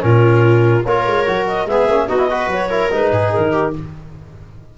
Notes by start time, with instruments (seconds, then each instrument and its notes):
0.00 tuba A#2, trombone C#4, viola F4, clarinet A#4
0.85 tuba A#3, trombone F4, viola A#4, clarinet C#5
1.06 tuba G#3
1.26 tuba F#3, trombone F#4
1.47 clarinet D#5
1.65 tuba G#3, trombone B3, viola G#4, clarinet E5
1.87 tuba A#3, trombone C#4
2.08 tuba B3, trombone D#4, viola F#4, clarinet D#5
2.18 trombone E4
2.29 trombone F#4, viola B4
2.47 tuba F#3
2.53 clarinet C#5
2.69 trombone E4, viola A#4
2.90 tuba G#3, trombone D#4, clarinet B4
3.11 tuba G#2, viola G#4
3.32 tuba D#3, clarinet A#4
3.52 viola G4